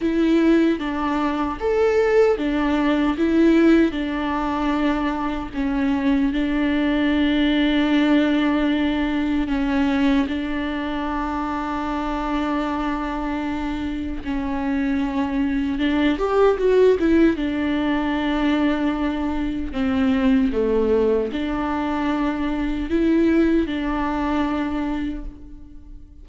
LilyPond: \new Staff \with { instrumentName = "viola" } { \time 4/4 \tempo 4 = 76 e'4 d'4 a'4 d'4 | e'4 d'2 cis'4 | d'1 | cis'4 d'2.~ |
d'2 cis'2 | d'8 g'8 fis'8 e'8 d'2~ | d'4 c'4 a4 d'4~ | d'4 e'4 d'2 | }